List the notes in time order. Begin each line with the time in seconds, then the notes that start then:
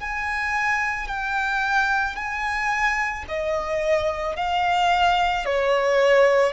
0.00 G#5
1.08 G5
2.16 G#5
3.28 D#5
4.36 F5
5.45 C#5